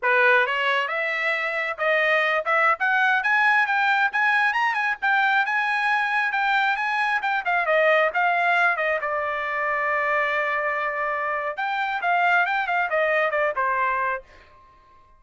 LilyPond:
\new Staff \with { instrumentName = "trumpet" } { \time 4/4 \tempo 4 = 135 b'4 cis''4 e''2 | dis''4. e''8. fis''4 gis''8.~ | gis''16 g''4 gis''4 ais''8 gis''8 g''8.~ | g''16 gis''2 g''4 gis''8.~ |
gis''16 g''8 f''8 dis''4 f''4. dis''16~ | dis''16 d''2.~ d''8.~ | d''2 g''4 f''4 | g''8 f''8 dis''4 d''8 c''4. | }